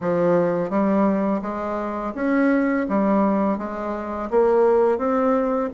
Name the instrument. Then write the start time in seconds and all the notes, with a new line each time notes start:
bassoon
0.01 F3
0.69 G3
1.42 G#3
2.14 C#4
2.88 G3
3.57 G#3
4.30 A#3
4.98 C4